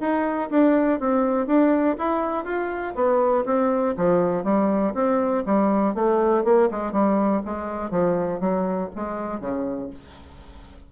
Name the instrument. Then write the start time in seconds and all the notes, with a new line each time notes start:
bassoon
0.00 D#4
0.50 D4
1.00 C4
1.46 D4
1.98 E4
2.44 F4
2.95 B3
3.45 C4
3.97 F3
4.44 G3
4.94 C4
5.46 G3
5.95 A3
6.44 A#3
6.71 G#3
6.92 G3
7.45 G#3
7.90 F3
8.40 F#3
8.95 G#3
9.40 C#3